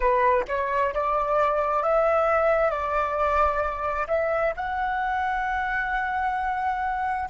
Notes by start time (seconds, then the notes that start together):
0.00 B4
0.48 C#5
0.93 D5
1.82 E5
2.70 D5
4.07 E5
4.56 F#5